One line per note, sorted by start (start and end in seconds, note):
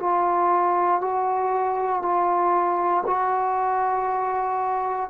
0.00 1.01 F4
1.01 2.02 F#4
2.02 3.04 F4
3.06 5.09 F#4